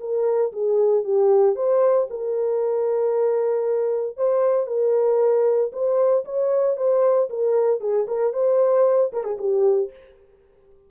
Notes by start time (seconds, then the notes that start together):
0.00 A#4
0.53 G#4
1.04 G4
1.56 C5
2.10 A#4
4.17 C5
4.67 A#4
5.72 C5
6.25 C#5
6.77 C5
7.30 A#4
7.81 G#4
8.08 A#4
8.34 C5
9.13 A#4
9.24 G#4
9.38 G4